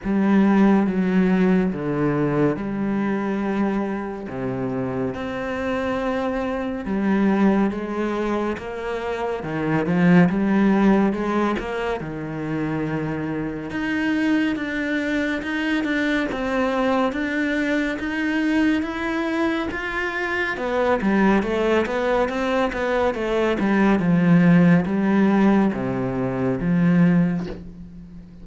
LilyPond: \new Staff \with { instrumentName = "cello" } { \time 4/4 \tempo 4 = 70 g4 fis4 d4 g4~ | g4 c4 c'2 | g4 gis4 ais4 dis8 f8 | g4 gis8 ais8 dis2 |
dis'4 d'4 dis'8 d'8 c'4 | d'4 dis'4 e'4 f'4 | b8 g8 a8 b8 c'8 b8 a8 g8 | f4 g4 c4 f4 | }